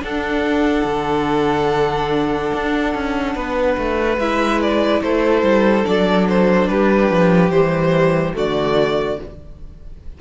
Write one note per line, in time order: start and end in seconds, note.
0.00 4.17 D4
0.00 0.84 D4
0.00 3.36 A4
0.00 4.19 F#5
0.84 2.51 D3
2.54 2.94 D4
2.94 3.35 C#4
3.35 3.77 B3
3.35 5.02 B4
3.78 4.18 A3
4.18 5.01 G#3
4.18 5.84 E4
4.18 4.61 E5
4.62 5.02 D5
5.02 5.42 A3
5.02 6.71 A4
5.02 5.86 C5
5.42 5.84 G3
5.84 6.68 F#3
5.84 7.51 D4
5.84 6.27 D5
6.29 6.68 C5
6.68 7.10 G3
6.68 8.35 G4
6.68 7.51 B4
7.10 7.50 F3
7.50 8.33 E3
7.50 8.34 G3
7.50 8.34 C5
8.34 9.19 D3
8.34 9.17 A3
8.34 9.18 F#4
8.34 9.21 D5